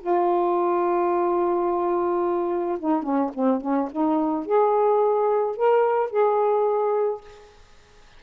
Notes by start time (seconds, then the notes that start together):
0.00 F4
2.79 D#4
3.03 C#4
3.34 C4
3.61 C#4
3.91 D#4
4.45 G#4
5.56 A#4
6.10 G#4